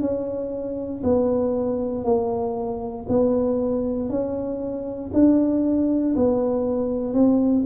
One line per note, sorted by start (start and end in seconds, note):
0.00 1.02 C#4
1.03 2.04 B3
2.04 3.06 A#3
3.08 4.09 B3
4.09 5.11 C#4
5.13 6.15 D4
6.15 7.13 B3
7.13 7.64 C4